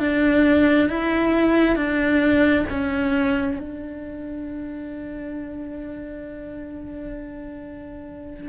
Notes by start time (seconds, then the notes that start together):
0.00 D4
0.90 E4
1.76 D4
2.70 C#4
3.60 D4